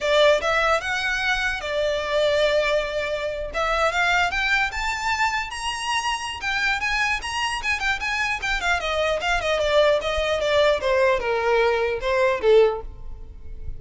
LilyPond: \new Staff \with { instrumentName = "violin" } { \time 4/4 \tempo 4 = 150 d''4 e''4 fis''2 | d''1~ | d''8. e''4 f''4 g''4 a''16~ | a''4.~ a''16 ais''2~ ais''16 |
g''4 gis''4 ais''4 gis''8 g''8 | gis''4 g''8 f''8 dis''4 f''8 dis''8 | d''4 dis''4 d''4 c''4 | ais'2 c''4 a'4 | }